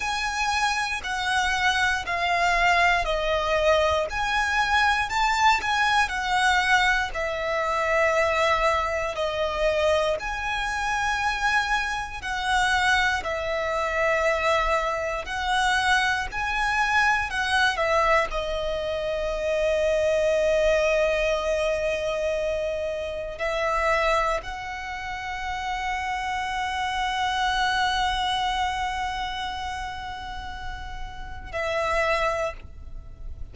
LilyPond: \new Staff \with { instrumentName = "violin" } { \time 4/4 \tempo 4 = 59 gis''4 fis''4 f''4 dis''4 | gis''4 a''8 gis''8 fis''4 e''4~ | e''4 dis''4 gis''2 | fis''4 e''2 fis''4 |
gis''4 fis''8 e''8 dis''2~ | dis''2. e''4 | fis''1~ | fis''2. e''4 | }